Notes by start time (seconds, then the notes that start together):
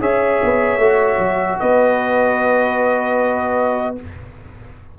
0.00 C#4 G#4 C#5 E5
0.42 B3
0.77 A3 F#4
1.18 F#3
1.59 B3 B4 D#5